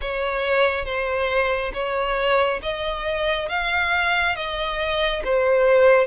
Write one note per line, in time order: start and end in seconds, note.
0.01 0.85 C#5
0.85 1.72 C5
1.73 2.60 C#5
2.62 3.48 D#5
3.48 4.35 F5
4.35 5.22 D#5
5.24 6.07 C5